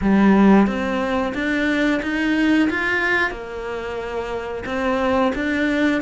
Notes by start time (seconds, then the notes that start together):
0.01 G3
0.66 C4
1.34 D4
2.02 D#4
2.69 F4
3.30 A#3
4.65 C4
5.35 D4